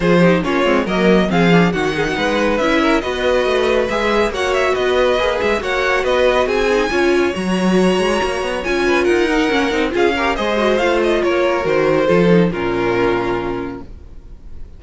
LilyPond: <<
  \new Staff \with { instrumentName = "violin" } { \time 4/4 \tempo 4 = 139 c''4 cis''4 dis''4 f''4 | fis''2 e''4 dis''4~ | dis''4 e''4 fis''8 e''8 dis''4~ | dis''8 e''8 fis''4 dis''4 gis''4~ |
gis''4 ais''2. | gis''4 fis''2 f''4 | dis''4 f''8 dis''8 cis''4 c''4~ | c''4 ais'2. | }
  \new Staff \with { instrumentName = "violin" } { \time 4/4 gis'8 g'8 f'4 ais'4 gis'4 | fis'8 gis'16 fis'16 b'4. ais'8 b'4~ | b'2 cis''4 b'4~ | b'4 cis''4 b'4 gis'4 |
cis''1~ | cis''8 b'8 ais'2 gis'8 ais'8 | c''2 ais'2 | a'4 f'2. | }
  \new Staff \with { instrumentName = "viola" } { \time 4/4 f'8 dis'8 cis'8 c'8 ais4 c'8 d'8 | dis'2 e'4 fis'4~ | fis'4 gis'4 fis'2 | gis'4 fis'2~ fis'8 dis'8 |
f'4 fis'2. | f'4. dis'8 cis'8 dis'8 f'8 g'8 | gis'8 fis'8 f'2 fis'4 | f'8 dis'8 cis'2. | }
  \new Staff \with { instrumentName = "cello" } { \time 4/4 f4 ais8 gis8 fis4 f4 | dis4 gis4 cis'4 b4 | a4 gis4 ais4 b4 | ais8 gis8 ais4 b4 c'4 |
cis'4 fis4. gis8 ais8 b8 | cis'4 dis'4 ais8 c'8 cis'4 | gis4 a4 ais4 dis4 | f4 ais,2. | }
>>